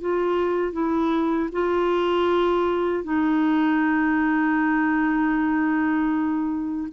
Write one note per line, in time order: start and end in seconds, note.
0.00 0.72 F4
0.72 1.49 E4
1.52 3.03 F4
3.03 6.88 D#4